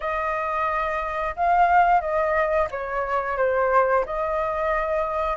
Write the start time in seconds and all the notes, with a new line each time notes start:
0.00 D#5
1.35 F5
2.00 D#5
2.70 C#5
3.37 C5
4.05 D#5